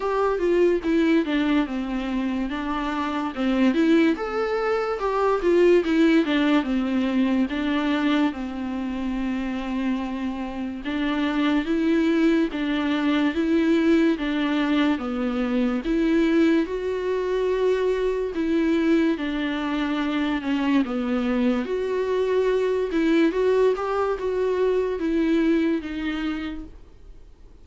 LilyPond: \new Staff \with { instrumentName = "viola" } { \time 4/4 \tempo 4 = 72 g'8 f'8 e'8 d'8 c'4 d'4 | c'8 e'8 a'4 g'8 f'8 e'8 d'8 | c'4 d'4 c'2~ | c'4 d'4 e'4 d'4 |
e'4 d'4 b4 e'4 | fis'2 e'4 d'4~ | d'8 cis'8 b4 fis'4. e'8 | fis'8 g'8 fis'4 e'4 dis'4 | }